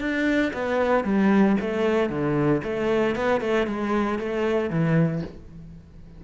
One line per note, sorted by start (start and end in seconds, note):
0.00 0.52 D4
0.53 1.04 B3
1.04 1.56 G3
1.61 2.10 A3
2.10 2.62 D3
2.64 3.16 A3
3.16 3.41 B3
3.41 3.67 A3
3.67 4.19 G#3
4.19 4.70 A3
4.70 5.22 E3